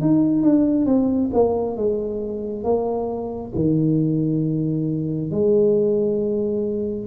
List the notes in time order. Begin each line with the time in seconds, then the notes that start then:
0.00 D#4
0.42 D4
0.85 C4
1.33 A#3
1.76 G#3
2.64 A#3
3.55 D#3
5.31 G#3